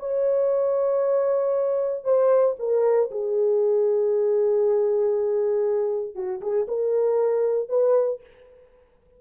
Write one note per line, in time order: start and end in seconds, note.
0.00 2.04 C#5
2.04 2.56 C5
2.59 3.10 A#4
3.11 6.15 G#4
6.15 6.41 F#4
6.41 6.67 G#4
6.68 7.69 A#4
7.69 8.21 B4